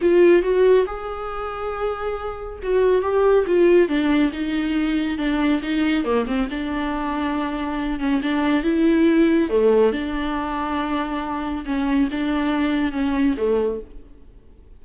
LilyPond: \new Staff \with { instrumentName = "viola" } { \time 4/4 \tempo 4 = 139 f'4 fis'4 gis'2~ | gis'2 fis'4 g'4 | f'4 d'4 dis'2 | d'4 dis'4 ais8 c'8 d'4~ |
d'2~ d'8 cis'8 d'4 | e'2 a4 d'4~ | d'2. cis'4 | d'2 cis'4 a4 | }